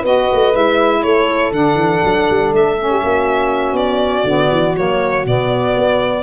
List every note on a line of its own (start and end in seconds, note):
0.00 0.28 B3
0.00 0.52 F#4
0.00 0.99 B4
0.00 0.55 D#5
0.32 0.54 A3
0.52 1.04 G#3
0.52 1.51 E4
0.52 1.03 E5
1.03 1.52 A3
1.03 2.90 A4
1.03 1.52 C#5
1.52 1.75 D3
1.52 2.76 D4
1.52 2.52 F#5
1.75 1.99 E3
2.03 2.28 F#3
2.30 2.52 G3
2.52 3.02 A3
2.52 3.76 E5
2.78 4.27 C#4
2.90 3.02 G4
3.02 3.72 A#3
3.02 6.23 F#4
3.72 4.22 B3
3.72 4.75 D5
4.24 4.49 D3
4.24 4.76 B3
4.51 4.76 E3
4.76 5.25 F#3
4.76 5.25 A#3
4.76 5.26 C#5
5.25 5.75 B2
5.25 6.23 B3
5.25 6.23 D5
5.77 6.23 B3